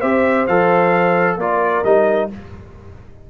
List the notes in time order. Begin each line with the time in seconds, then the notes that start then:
0.00 C4 G4 C5 E5
0.47 F3 A4 F5
1.37 A#3 F4 A#4 D5
1.85 G3 D#4 D#5